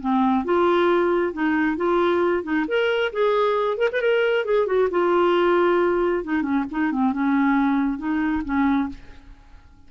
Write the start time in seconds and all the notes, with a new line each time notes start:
0.00 C4
0.44 F4
1.33 D#4
1.76 F4
2.43 D#4
2.67 A#4
3.12 G#4
3.77 A#4
3.92 B4
4.01 A#4
4.44 G#4
4.66 F#4
4.90 F4
6.24 D#4
6.42 C#4
6.71 D#4
6.92 C4
7.12 C#4
7.98 D#4
8.44 C#4